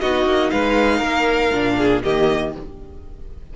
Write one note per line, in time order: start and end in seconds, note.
0.00 0.25 B3
0.00 1.52 D#4
0.00 0.52 F#4
0.00 0.50 D#5
0.25 0.51 A#3
0.50 1.00 G#3
0.50 0.98 B4
0.50 2.01 F5
0.98 1.51 A#3
0.98 1.73 A#4
1.52 2.03 A#2
1.52 2.03 D4
1.77 2.03 G#4
2.03 2.56 D#3
2.03 2.54 A#3
2.03 2.53 G4
2.03 2.54 D#5